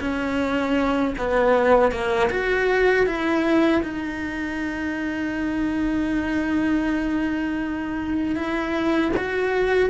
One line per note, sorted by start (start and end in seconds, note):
0.00 1.14 C#4
1.18 1.91 B3
1.91 2.29 A#3
2.30 3.06 F#4
3.06 3.82 E4
3.83 8.35 D#4
8.35 9.11 E4
9.16 9.90 F#4